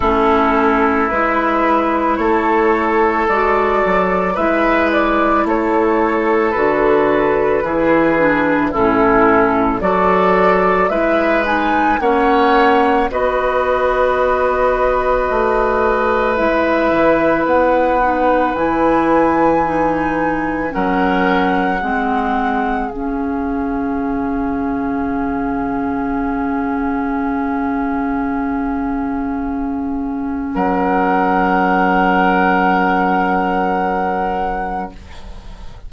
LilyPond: <<
  \new Staff \with { instrumentName = "flute" } { \time 4/4 \tempo 4 = 55 a'4 b'4 cis''4 d''4 | e''8 d''8 cis''4 b'2 | a'4 d''4 e''8 gis''8 fis''4 | dis''2. e''4 |
fis''4 gis''2 fis''4~ | fis''4 f''2.~ | f''1 | fis''1 | }
  \new Staff \with { instrumentName = "oboe" } { \time 4/4 e'2 a'2 | b'4 a'2 gis'4 | e'4 a'4 b'4 cis''4 | b'1~ |
b'2. ais'4 | gis'1~ | gis'1 | ais'1 | }
  \new Staff \with { instrumentName = "clarinet" } { \time 4/4 cis'4 e'2 fis'4 | e'2 fis'4 e'8 d'8 | cis'4 fis'4 e'8 dis'8 cis'4 | fis'2. e'4~ |
e'8 dis'8 e'4 dis'4 cis'4 | c'4 cis'2.~ | cis'1~ | cis'1 | }
  \new Staff \with { instrumentName = "bassoon" } { \time 4/4 a4 gis4 a4 gis8 fis8 | gis4 a4 d4 e4 | a,4 fis4 gis4 ais4 | b2 a4 gis8 e8 |
b4 e2 fis4 | gis4 cis2.~ | cis1 | fis1 | }
>>